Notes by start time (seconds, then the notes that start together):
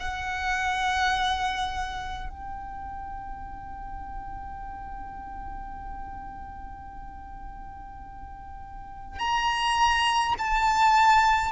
0.00 F#5
2.30 G5
9.19 A#5
10.38 A5